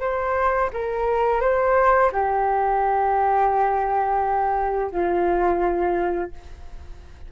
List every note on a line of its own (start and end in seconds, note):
0.00 0.70 C5
0.73 1.41 A#4
1.41 2.11 C5
2.12 4.91 G4
4.91 6.31 F4